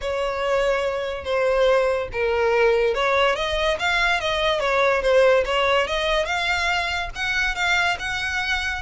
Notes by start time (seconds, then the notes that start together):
0.01 C#5
1.24 C5
2.12 A#4
2.94 C#5
3.35 D#5
3.79 F5
4.20 D#5
4.60 C#5
5.02 C5
5.45 C#5
5.87 D#5
6.25 F5
7.15 F#5
7.55 F5
7.99 F#5